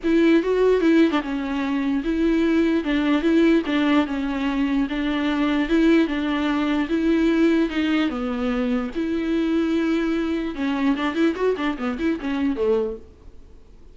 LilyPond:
\new Staff \with { instrumentName = "viola" } { \time 4/4 \tempo 4 = 148 e'4 fis'4 e'8. d'16 cis'4~ | cis'4 e'2 d'4 | e'4 d'4 cis'2 | d'2 e'4 d'4~ |
d'4 e'2 dis'4 | b2 e'2~ | e'2 cis'4 d'8 e'8 | fis'8 d'8 b8 e'8 cis'4 a4 | }